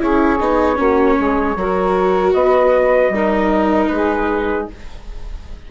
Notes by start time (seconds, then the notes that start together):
0.00 C#4 E4 G#4 C#5
0.40 B3 D#4
0.76 A#3 C#4 F#4
1.18 G#3 G#4
1.56 F#3 F#4 A#4
2.34 B3 B4 D#5
3.09 G3 D#4 A#4
3.88 G#3 G#4 B4